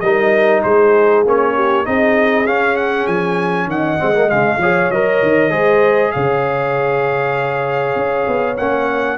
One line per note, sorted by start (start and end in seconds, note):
0.00 0.63 G3
0.00 1.26 D#4
0.00 0.63 A#4
0.00 0.61 D#5
0.62 1.25 G#3
0.62 1.54 G#4
0.62 1.24 C5
1.25 1.86 A#3
1.25 1.85 C#4
1.25 1.85 C#5
1.54 1.85 G4
1.85 2.45 C4
1.85 2.46 D#4
1.85 3.69 G#4
1.85 2.46 D#5
2.45 3.07 C#4
2.45 3.98 C#4
2.45 2.76 F5
2.76 3.07 F#5
3.07 3.66 F3
3.07 3.68 G#5
3.66 3.96 D#3
3.66 4.60 D#5
3.66 4.29 F#5
3.98 4.32 G#3
3.98 4.13 C4
4.14 4.28 A#3
4.28 4.57 C#3
4.28 4.58 G#3
4.28 4.90 F5
4.57 4.88 F3
4.57 4.92 G#4
4.57 5.51 C#5
4.90 5.21 F#3
4.90 5.49 A#4
4.90 6.11 D#5
5.22 5.51 D#3
5.49 6.12 G#3
5.49 8.55 G#4
5.49 6.12 C5
6.11 7.95 C#3
6.11 9.17 C#5
6.11 8.56 F5
7.95 8.26 C#4
8.27 8.58 B3
8.57 9.17 A#3
8.57 9.17 C#4
8.57 9.17 F#5